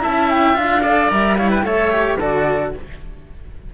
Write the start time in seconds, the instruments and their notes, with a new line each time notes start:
0.00 cello C#4 E4, oboe E5, flute A5
0.30 flute G5
0.54 cello D4 F4, flute F5
0.82 cello A4, oboe D5
1.09 cello G3 A#4, flute E5
1.37 cello E4, oboe C#5, flute F5
1.50 oboe B4, flute G5
1.62 cello A3 A4, oboe C#5, flute E5
1.91 cello G4
2.18 cello D3 F#4, oboe A4, flute D5